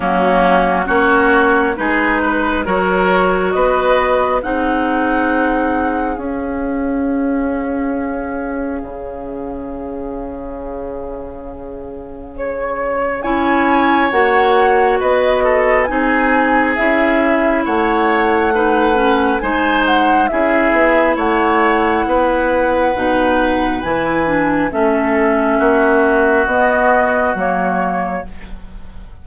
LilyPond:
<<
  \new Staff \with { instrumentName = "flute" } { \time 4/4 \tempo 4 = 68 fis'4 cis''4 b'4 cis''4 | dis''4 fis''2 f''4~ | f''1~ | f''2 cis''4 gis''4 |
fis''4 dis''4 gis''4 e''4 | fis''2 gis''8 fis''8 e''4 | fis''2. gis''4 | e''2 dis''4 cis''4 | }
  \new Staff \with { instrumentName = "oboe" } { \time 4/4 cis'4 fis'4 gis'8 b'8 ais'4 | b'4 gis'2.~ | gis'1~ | gis'2. cis''4~ |
cis''4 b'8 a'8 gis'2 | cis''4 b'4 c''4 gis'4 | cis''4 b'2. | a'4 fis'2. | }
  \new Staff \with { instrumentName = "clarinet" } { \time 4/4 ais4 cis'4 dis'4 fis'4~ | fis'4 dis'2 cis'4~ | cis'1~ | cis'2. e'4 |
fis'2 dis'4 e'4~ | e'4 dis'8 cis'8 dis'4 e'4~ | e'2 dis'4 e'8 d'8 | cis'2 b4 ais4 | }
  \new Staff \with { instrumentName = "bassoon" } { \time 4/4 fis4 ais4 gis4 fis4 | b4 c'2 cis'4~ | cis'2 cis2~ | cis2. cis'4 |
ais4 b4 c'4 cis'4 | a2 gis4 cis'8 b8 | a4 b4 b,4 e4 | a4 ais4 b4 fis4 | }
>>